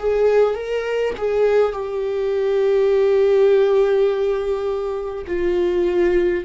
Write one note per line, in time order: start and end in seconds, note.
0.00 0.55 G#4
0.55 1.14 A#4
1.18 1.73 G#4
1.73 5.26 G4
5.27 6.45 F4